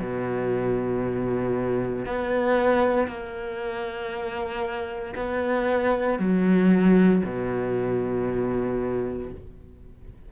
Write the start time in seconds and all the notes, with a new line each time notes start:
0.00 B2
2.06 B3
3.08 A#3
5.16 B3
6.19 F#3
7.26 B2